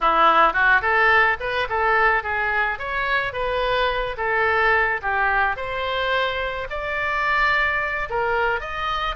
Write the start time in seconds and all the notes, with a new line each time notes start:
0.01 E4
0.53 F#4
0.81 A4
1.39 B4
1.69 A4
2.23 G#4
2.78 C#5
3.33 B4
4.17 A4
5.02 G4
5.56 C5
6.70 D5
8.09 A#4
8.60 D#5